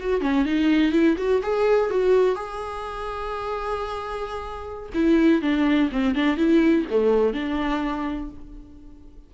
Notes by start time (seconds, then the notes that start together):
0.00 F#4
0.21 C#4
0.46 D#4
0.92 E4
1.18 F#4
1.43 G#4
1.91 F#4
2.36 G#4
4.95 E4
5.42 D4
5.92 C4
6.15 D4
6.37 E4
6.91 A3
7.34 D4